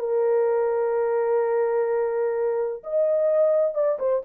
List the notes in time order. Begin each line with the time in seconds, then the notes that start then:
0.00 A#4
2.84 D#5
3.75 D5
3.99 C5